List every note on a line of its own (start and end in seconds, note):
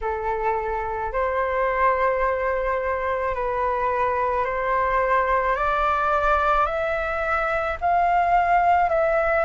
0.01 1.12 A4
1.12 3.34 C5
3.34 4.44 B4
4.44 5.56 C5
5.56 6.66 D5
6.66 7.77 E5
7.80 8.89 F5
8.89 9.44 E5